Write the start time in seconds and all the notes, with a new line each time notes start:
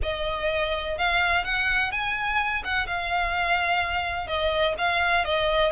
0.02 D#5
0.97 F5
1.44 F#5
1.91 G#5
2.64 F#5
2.86 F5
4.27 D#5
4.77 F5
5.24 D#5